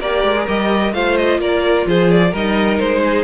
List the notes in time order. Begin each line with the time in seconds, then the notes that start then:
0.00 A#3 G4 A#4 D5
0.23 G#3
0.37 G#4
0.48 G3 G4 D#5
0.93 A3 F4 C5 F5
1.17 D#5
1.39 A#3 A#4 D5
1.86 F3 G#4 C5
2.11 D5
2.30 G3 D#4 A#4 D#5
2.79 G#3 C5
3.04 G#4